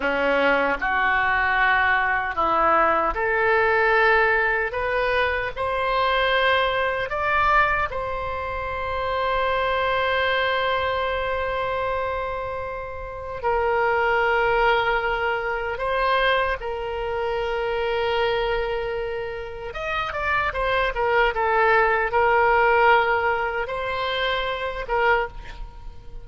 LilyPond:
\new Staff \with { instrumentName = "oboe" } { \time 4/4 \tempo 4 = 76 cis'4 fis'2 e'4 | a'2 b'4 c''4~ | c''4 d''4 c''2~ | c''1~ |
c''4 ais'2. | c''4 ais'2.~ | ais'4 dis''8 d''8 c''8 ais'8 a'4 | ais'2 c''4. ais'8 | }